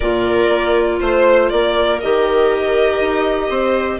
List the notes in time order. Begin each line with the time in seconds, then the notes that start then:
0.00 A#2 F4 A#4 D5
0.48 A#3
0.99 A3 C5
1.49 A#3 A#4 D5
2.00 D#3 G4 D#5
3.00 D#4
3.50 C4 C5